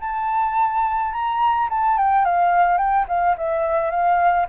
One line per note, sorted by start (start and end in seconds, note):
0.00 1.12 A5
1.12 1.68 A#5
1.69 1.97 A5
1.97 2.25 G5
2.25 2.78 F5
2.78 3.06 G5
3.08 3.36 F5
3.37 3.90 E5
3.90 4.46 F5